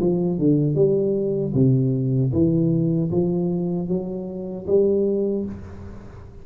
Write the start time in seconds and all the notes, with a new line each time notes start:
0.00 F3
0.39 D3
0.75 G3
1.54 C3
2.33 E3
3.11 F3
3.88 F#3
4.67 G3